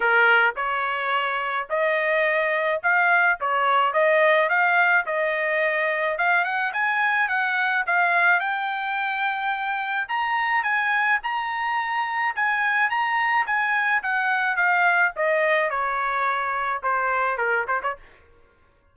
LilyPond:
\new Staff \with { instrumentName = "trumpet" } { \time 4/4 \tempo 4 = 107 ais'4 cis''2 dis''4~ | dis''4 f''4 cis''4 dis''4 | f''4 dis''2 f''8 fis''8 | gis''4 fis''4 f''4 g''4~ |
g''2 ais''4 gis''4 | ais''2 gis''4 ais''4 | gis''4 fis''4 f''4 dis''4 | cis''2 c''4 ais'8 c''16 cis''16 | }